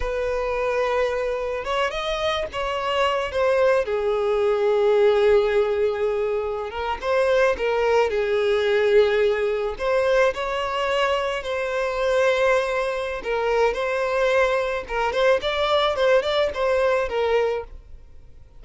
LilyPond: \new Staff \with { instrumentName = "violin" } { \time 4/4 \tempo 4 = 109 b'2. cis''8 dis''8~ | dis''8 cis''4. c''4 gis'4~ | gis'1~ | gis'16 ais'8 c''4 ais'4 gis'4~ gis'16~ |
gis'4.~ gis'16 c''4 cis''4~ cis''16~ | cis''8. c''2.~ c''16 | ais'4 c''2 ais'8 c''8 | d''4 c''8 d''8 c''4 ais'4 | }